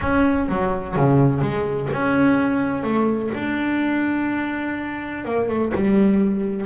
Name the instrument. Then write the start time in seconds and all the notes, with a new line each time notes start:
double bass
0.01 C#4
0.48 F#3
0.96 C#3
1.41 G#3
1.92 C#4
2.83 A3
3.34 D4
5.24 A#3
5.48 A3
5.74 G3